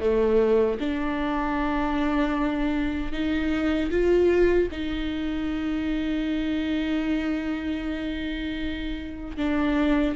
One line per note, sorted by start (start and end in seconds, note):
0.00 0.78 A3
0.80 3.12 D4
3.12 3.90 D#4
3.90 4.68 F4
4.71 9.37 D#4
9.37 10.15 D4